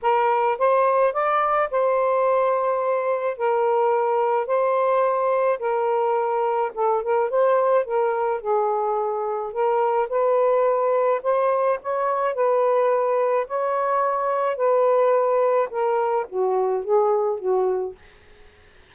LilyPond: \new Staff \with { instrumentName = "saxophone" } { \time 4/4 \tempo 4 = 107 ais'4 c''4 d''4 c''4~ | c''2 ais'2 | c''2 ais'2 | a'8 ais'8 c''4 ais'4 gis'4~ |
gis'4 ais'4 b'2 | c''4 cis''4 b'2 | cis''2 b'2 | ais'4 fis'4 gis'4 fis'4 | }